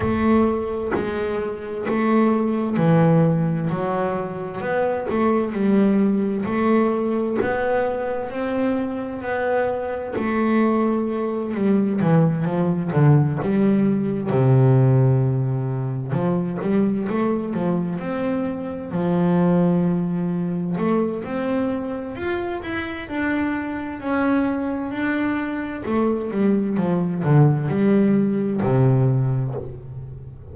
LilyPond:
\new Staff \with { instrumentName = "double bass" } { \time 4/4 \tempo 4 = 65 a4 gis4 a4 e4 | fis4 b8 a8 g4 a4 | b4 c'4 b4 a4~ | a8 g8 e8 f8 d8 g4 c8~ |
c4. f8 g8 a8 f8 c'8~ | c'8 f2 a8 c'4 | f'8 e'8 d'4 cis'4 d'4 | a8 g8 f8 d8 g4 c4 | }